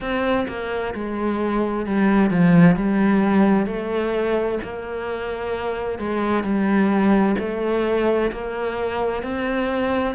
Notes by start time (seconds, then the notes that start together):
0.00 C4
0.47 A#3
0.94 G#3
1.85 G3
2.30 F3
2.76 G3
3.66 A3
4.63 A#3
5.98 G#3
6.43 G3
7.38 A3
8.31 A#3
9.22 C4